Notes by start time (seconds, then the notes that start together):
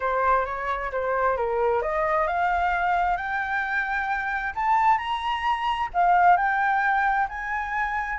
0.00 C5
0.45 C#5
0.91 C5
1.36 A#4
1.81 D#5
2.27 F5
3.17 G5
4.55 A5
4.98 A#5
5.93 F5
6.36 G5
7.28 G#5